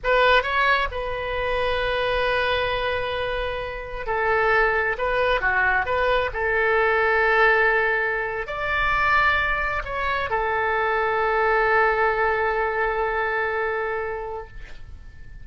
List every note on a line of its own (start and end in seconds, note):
0.03 0.42 B4
0.42 0.87 C#5
0.91 4.06 B4
4.06 4.96 A4
4.97 5.41 B4
5.41 5.85 F#4
5.85 6.30 B4
6.33 8.46 A4
8.46 9.82 D5
9.84 10.29 C#5
10.29 14.47 A4